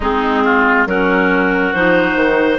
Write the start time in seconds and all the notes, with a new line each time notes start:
0.00 G#3 C4 D#4 G#4
0.44 F4
0.86 F#3 C#4 F#4 A#4
1.73 F3 D#4 C5
2.15 D#3